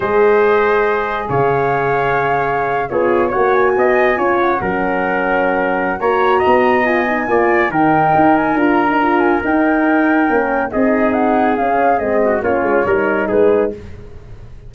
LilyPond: <<
  \new Staff \with { instrumentName = "flute" } { \time 4/4 \tempo 4 = 140 dis''2. f''4~ | f''2~ f''8. cis''4 fis''16~ | fis''16 gis''2 fis''4.~ fis''16~ | fis''2 ais''2 |
gis''2 g''4. gis''8 | ais''4. gis''8 g''2~ | g''4 dis''4 fis''4 f''4 | dis''4 cis''2 b'4 | }
  \new Staff \with { instrumentName = "trumpet" } { \time 4/4 c''2. cis''4~ | cis''2~ cis''8. gis'4 cis''16~ | cis''8. dis''4 cis''4 ais'4~ ais'16~ | ais'2 cis''4 dis''4~ |
dis''4 d''4 ais'2~ | ais'1~ | ais'4 gis'2.~ | gis'8 fis'8 f'4 ais'4 gis'4 | }
  \new Staff \with { instrumentName = "horn" } { \time 4/4 gis'1~ | gis'2~ gis'8. f'4 fis'16~ | fis'4.~ fis'16 f'4 cis'4~ cis'16~ | cis'2 fis'2 |
f'8 dis'8 f'4 dis'2 | f'8. dis'16 f'4 dis'2 | cis'4 dis'2 cis'4 | c'4 cis'4 dis'2 | }
  \new Staff \with { instrumentName = "tuba" } { \time 4/4 gis2. cis4~ | cis2~ cis8. b4 ais16~ | ais8. b4 cis'4 fis4~ fis16~ | fis2 ais4 b4~ |
b4 ais4 dis4 dis'4 | d'2 dis'2 | ais4 c'2 cis'4 | gis4 ais8 gis8 g4 gis4 | }
>>